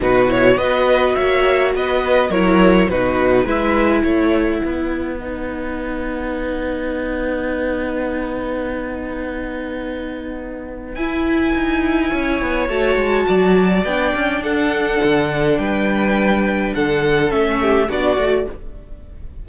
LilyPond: <<
  \new Staff \with { instrumentName = "violin" } { \time 4/4 \tempo 4 = 104 b'8 cis''8 dis''4 e''4 dis''4 | cis''4 b'4 e''4 fis''4~ | fis''1~ | fis''1~ |
fis''2. gis''4~ | gis''2 a''2 | g''4 fis''2 g''4~ | g''4 fis''4 e''4 d''4 | }
  \new Staff \with { instrumentName = "violin" } { \time 4/4 fis'4 b'4 cis''4 b'4 | ais'4 fis'4 b'4 cis''4 | b'1~ | b'1~ |
b'1~ | b'4 cis''2 d''4~ | d''4 a'2 b'4~ | b'4 a'4. g'8 fis'4 | }
  \new Staff \with { instrumentName = "viola" } { \time 4/4 dis'8 e'8 fis'2. | e'4 dis'4 e'2~ | e'4 dis'2.~ | dis'1~ |
dis'2. e'4~ | e'2 fis'2 | d'1~ | d'2 cis'4 d'8 fis'8 | }
  \new Staff \with { instrumentName = "cello" } { \time 4/4 b,4 b4 ais4 b4 | fis4 b,4 gis4 a4 | b1~ | b1~ |
b2. e'4 | dis'4 cis'8 b8 a8 gis8 fis4 | b8 cis'8 d'4 d4 g4~ | g4 d4 a4 b8 a8 | }
>>